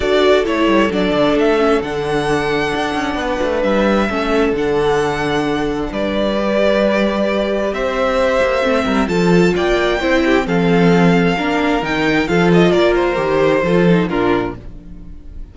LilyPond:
<<
  \new Staff \with { instrumentName = "violin" } { \time 4/4 \tempo 4 = 132 d''4 cis''4 d''4 e''4 | fis''1 | e''2 fis''2~ | fis''4 d''2.~ |
d''4 e''2. | a''4 g''2 f''4~ | f''2 g''4 f''8 dis''8 | d''8 c''2~ c''8 ais'4 | }
  \new Staff \with { instrumentName = "violin" } { \time 4/4 a'1~ | a'2. b'4~ | b'4 a'2.~ | a'4 b'2.~ |
b'4 c''2~ c''8 ais'8 | a'4 d''4 c''8 g'8 a'4~ | a'4 ais'2 a'4 | ais'2 a'4 f'4 | }
  \new Staff \with { instrumentName = "viola" } { \time 4/4 fis'4 e'4 d'4. cis'8 | d'1~ | d'4 cis'4 d'2~ | d'2 g'2~ |
g'2. c'4 | f'2 e'4 c'4~ | c'4 d'4 dis'4 f'4~ | f'4 g'4 f'8 dis'8 d'4 | }
  \new Staff \with { instrumentName = "cello" } { \time 4/4 d'4 a8 g8 fis8 d8 a4 | d2 d'8 cis'8 b8 a8 | g4 a4 d2~ | d4 g2.~ |
g4 c'4. ais8 a8 g8 | f4 ais4 c'4 f4~ | f4 ais4 dis4 f4 | ais4 dis4 f4 ais,4 | }
>>